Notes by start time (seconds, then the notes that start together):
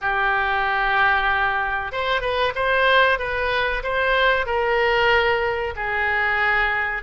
0.01 G4
1.91 C5
2.21 B4
2.55 C5
3.19 B4
3.83 C5
4.46 A#4
5.76 G#4